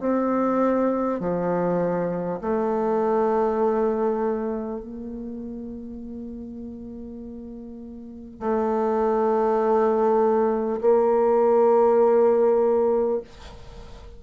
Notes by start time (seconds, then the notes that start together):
0.00 C4
1.19 F3
2.41 A3
4.80 A#3
8.39 A3
10.81 A#3